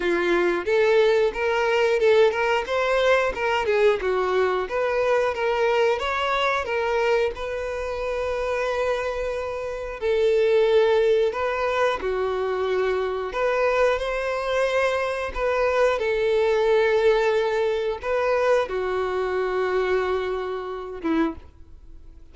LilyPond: \new Staff \with { instrumentName = "violin" } { \time 4/4 \tempo 4 = 90 f'4 a'4 ais'4 a'8 ais'8 | c''4 ais'8 gis'8 fis'4 b'4 | ais'4 cis''4 ais'4 b'4~ | b'2. a'4~ |
a'4 b'4 fis'2 | b'4 c''2 b'4 | a'2. b'4 | fis'2.~ fis'8 e'8 | }